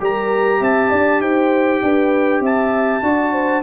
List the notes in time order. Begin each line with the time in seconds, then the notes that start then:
0.00 G3 G4 A#4 A#5
0.60 C4 E5 A5
0.90 D4 D5
1.21 D#4 C5 G5
1.83 D4 B4
2.40 C4 E5 A5
3.03 D4 F#4 D5
3.32 C5